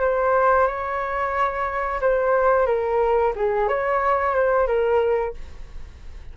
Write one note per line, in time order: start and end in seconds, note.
0.00 0.67 C5
0.67 2.00 C#5
2.01 2.66 C5
2.66 3.33 A#4
3.35 3.68 G#4
3.68 4.35 C#5
4.35 4.67 C5
4.67 5.34 A#4